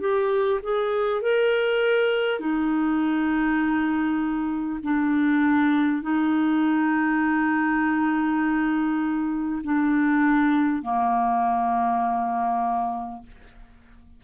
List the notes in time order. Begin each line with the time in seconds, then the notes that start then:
0.00 G4
0.63 G#4
1.22 A#4
2.39 D#4
4.83 D4
6.02 D#4
9.63 D4
10.82 A#3